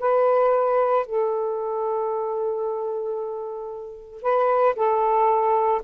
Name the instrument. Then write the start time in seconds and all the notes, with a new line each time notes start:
saxophone
0.00 B4
1.06 A4
4.22 B4
4.76 A4